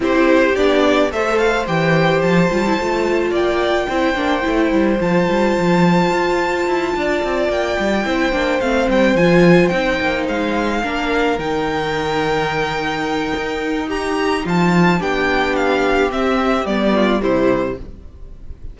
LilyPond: <<
  \new Staff \with { instrumentName = "violin" } { \time 4/4 \tempo 4 = 108 c''4 d''4 e''8 f''8 g''4 | a''2 g''2~ | g''4 a''2.~ | a''4. g''2 f''8 |
g''8 gis''4 g''4 f''4.~ | f''8 g''2.~ g''8~ | g''4 ais''4 a''4 g''4 | f''4 e''4 d''4 c''4 | }
  \new Staff \with { instrumentName = "violin" } { \time 4/4 g'2 c''2~ | c''2 d''4 c''4~ | c''1~ | c''8 d''2 c''4.~ |
c''2.~ c''8 ais'8~ | ais'1~ | ais'4 g'4 f'4 g'4~ | g'2~ g'8 f'8 e'4 | }
  \new Staff \with { instrumentName = "viola" } { \time 4/4 e'4 d'4 a'4 g'4~ | g'8 f'16 e'16 f'2 e'8 d'8 | e'4 f'2.~ | f'2~ f'8 e'8 d'8 c'8~ |
c'8 f'4 dis'2 d'8~ | d'8 dis'2.~ dis'8~ | dis'2. d'4~ | d'4 c'4 b4 g4 | }
  \new Staff \with { instrumentName = "cello" } { \time 4/4 c'4 b4 a4 e4 | f8 g8 a4 ais4 c'8 ais8 | a8 g8 f8 g8 f4 f'4 | e'8 d'8 c'8 ais8 g8 c'8 ais8 a8 |
g8 f4 c'8 ais8 gis4 ais8~ | ais8 dis2.~ dis8 | dis'2 f4 b4~ | b4 c'4 g4 c4 | }
>>